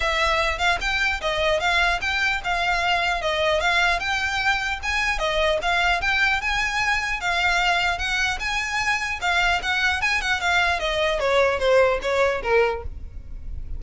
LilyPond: \new Staff \with { instrumentName = "violin" } { \time 4/4 \tempo 4 = 150 e''4. f''8 g''4 dis''4 | f''4 g''4 f''2 | dis''4 f''4 g''2 | gis''4 dis''4 f''4 g''4 |
gis''2 f''2 | fis''4 gis''2 f''4 | fis''4 gis''8 fis''8 f''4 dis''4 | cis''4 c''4 cis''4 ais'4 | }